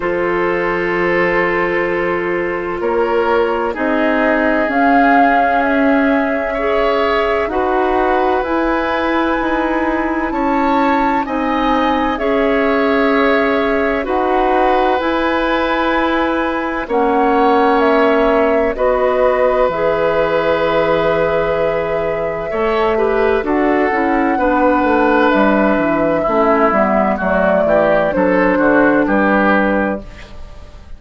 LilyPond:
<<
  \new Staff \with { instrumentName = "flute" } { \time 4/4 \tempo 4 = 64 c''2. cis''4 | dis''4 f''4 e''2 | fis''4 gis''2 a''4 | gis''4 e''2 fis''4 |
gis''2 fis''4 e''4 | dis''4 e''2.~ | e''4 fis''2 e''4~ | e''4 d''4 c''4 b'4 | }
  \new Staff \with { instrumentName = "oboe" } { \time 4/4 a'2. ais'4 | gis'2. cis''4 | b'2. cis''4 | dis''4 cis''2 b'4~ |
b'2 cis''2 | b'1 | cis''8 b'8 a'4 b'2 | e'4 fis'8 g'8 a'8 fis'8 g'4 | }
  \new Staff \with { instrumentName = "clarinet" } { \time 4/4 f'1 | dis'4 cis'2 gis'4 | fis'4 e'2. | dis'4 gis'2 fis'4 |
e'2 cis'2 | fis'4 gis'2. | a'8 g'8 fis'8 e'8 d'2 | cis'8 b8 a4 d'2 | }
  \new Staff \with { instrumentName = "bassoon" } { \time 4/4 f2. ais4 | c'4 cis'2. | dis'4 e'4 dis'4 cis'4 | c'4 cis'2 dis'4 |
e'2 ais2 | b4 e2. | a4 d'8 cis'8 b8 a8 g8 e8 | a8 g8 fis8 e8 fis8 d8 g4 | }
>>